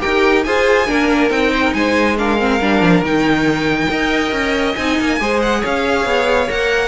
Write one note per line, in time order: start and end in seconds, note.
0.00 0.46 D#4
0.00 0.43 G4
0.00 0.45 A#4
0.00 0.43 G5
0.43 0.88 F4
0.43 0.86 G#4
0.43 0.86 C5
0.43 1.30 G#5
0.86 1.30 A#3
0.86 1.30 D4
0.86 1.51 A#4
1.30 1.73 C4
1.30 2.16 D#4
1.30 1.73 G5
1.52 1.62 C5
1.62 1.73 A#4
1.73 2.59 G#3
1.73 2.18 C5
1.73 2.16 G#5
2.18 2.38 D4
2.18 3.89 A#4
2.18 3.04 F5
2.38 2.60 C4
2.61 2.81 G3
2.61 3.04 D4
2.81 3.00 F3
3.00 3.87 D#3
3.00 3.90 D#4
3.00 4.75 G5
3.89 4.31 D#4
3.89 4.76 A#4
3.89 5.19 D#5
4.31 4.75 C#4
4.75 4.99 C4
4.75 5.19 D#4
4.75 5.40 G#5
4.99 5.20 A#3
5.19 5.63 G#3
5.19 6.48 G#4
5.19 5.60 C5
5.42 5.63 F#5
5.60 6.05 C#4
5.60 6.87 C#5
5.60 6.50 F5
6.05 6.48 B3
6.48 6.87 A#3
6.48 6.87 A#4
6.48 6.87 F#5